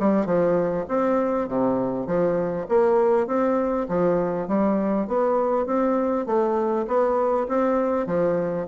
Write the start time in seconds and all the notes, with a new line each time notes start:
0.00 G3
0.26 F3
0.89 C4
1.49 C3
2.07 F3
2.69 A#3
3.28 C4
3.89 F3
4.48 G3
5.08 B3
5.66 C4
6.27 A3
6.88 B3
7.49 C4
8.07 F3